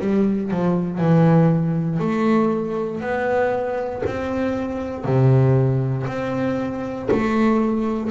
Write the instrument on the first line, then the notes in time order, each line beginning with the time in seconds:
double bass
0.00 G3
0.51 F3
0.98 E3
1.99 A3
3.01 B3
4.05 C4
5.04 C3
6.07 C4
7.11 A3